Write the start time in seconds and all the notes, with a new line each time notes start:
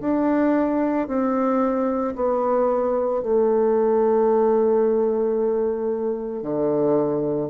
0.00 D4
1.07 C4
2.15 B3
3.22 A3
6.42 D3